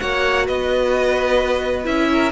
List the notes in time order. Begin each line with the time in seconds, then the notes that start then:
0.00 A#3 F#4 C#5 F#5
0.47 B3 B4 D#5
1.85 C#4 E4 E5
2.13 A#4